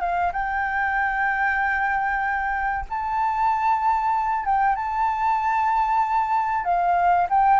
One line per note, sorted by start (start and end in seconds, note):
0.00 0.32 F5
0.32 2.85 G5
2.89 4.45 A5
4.45 4.75 G5
4.75 6.64 A5
6.64 7.27 F5
7.29 7.59 G5